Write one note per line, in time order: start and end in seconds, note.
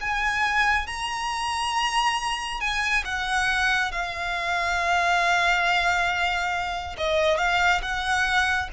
0.00 0.87 G#5
0.87 2.60 A#5
2.60 3.04 G#5
3.05 3.92 F#5
3.92 6.96 F5
6.98 7.38 D#5
7.38 7.81 F5
7.82 8.69 F#5